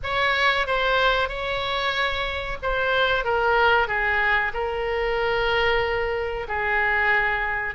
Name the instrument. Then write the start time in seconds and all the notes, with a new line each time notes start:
oboe
0.03 C#5
0.66 C5
1.28 C#5
2.62 C5
3.24 A#4
3.87 G#4
4.53 A#4
6.48 G#4